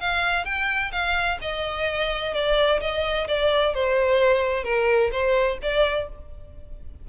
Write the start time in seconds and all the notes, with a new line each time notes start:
0.00 F5
0.45 G5
0.92 F5
1.41 D#5
2.34 D5
2.81 D#5
3.28 D5
3.74 C5
4.64 A#4
5.12 C5
5.62 D5